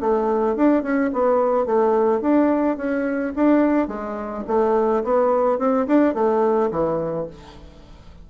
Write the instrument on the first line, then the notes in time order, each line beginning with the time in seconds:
bassoon
0.00 A3
0.56 D4
0.82 C#4
1.13 B3
1.66 A3
2.21 D4
2.77 C#4
3.36 D4
3.88 G#3
4.47 A3
5.04 B3
5.58 C4
5.87 D4
6.14 A3
6.71 E3